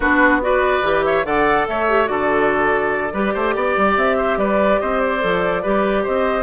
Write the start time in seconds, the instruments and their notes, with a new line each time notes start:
0.00 bassoon B3, clarinet D4, oboe F#4, flute B4
0.41 clarinet F#4, oboe B4, flute D5
0.82 bassoon E3, clarinet G4
1.04 oboe C#5, flute E5
1.24 bassoon D3, clarinet A4, oboe D5, flute F#5
1.67 bassoon A3, oboe C#5, flute E5
1.88 clarinet G4
2.05 bassoon D3, clarinet F#4, oboe A4, flute D5
3.13 bassoon G3, clarinet G4, oboe B4
3.33 bassoon A3, oboe C5
3.55 bassoon B3, oboe D5
3.77 bassoon G3
3.96 bassoon C4, flute E5
4.17 oboe C5
4.37 bassoon G3, oboe B4, flute D5
4.80 bassoon C4, oboe C5, flute D#5
5.00 flute D5
5.20 bassoon F3, clarinet A4
5.62 bassoon G3, clarinet G4, oboe B4
6.03 bassoon C4, oboe C5, flute D#5